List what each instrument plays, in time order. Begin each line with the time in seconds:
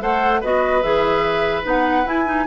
0.00 bassoon A3, clarinet A4, oboe C5, flute F#5
0.41 bassoon B3, clarinet F#4, oboe B4, flute D#5
0.82 bassoon E3, clarinet G#4, flute E5
1.63 bassoon B3, clarinet D#4, flute F#5
2.05 bassoon E4, clarinet E4, flute G#5
2.26 clarinet D#4